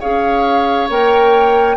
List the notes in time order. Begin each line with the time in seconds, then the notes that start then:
0.00 C#4 G#4 C#5 F5
0.90 A#3 A#4 G5